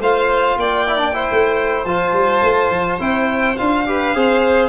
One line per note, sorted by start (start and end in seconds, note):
0.00 0.57 A3
0.00 0.87 F4
0.00 0.58 C5
0.00 0.59 F5
0.57 1.28 A#3
0.57 1.15 D5
0.57 1.85 G5
0.87 0.98 E4
0.98 1.12 D4
1.14 1.85 E4
1.14 3.87 C5
1.31 1.85 A3
1.85 2.13 F3
1.85 2.99 F4
1.85 2.99 A5
2.13 2.42 G3
2.42 2.70 A3
2.70 2.98 F3
2.99 3.57 C4
2.99 3.57 E4
2.99 3.57 G5
3.57 4.16 D4
3.57 3.86 F4
3.57 4.69 F5
3.86 4.14 G4
3.86 4.17 B4
4.14 4.69 C4
4.14 4.69 G#4
4.14 4.69 C5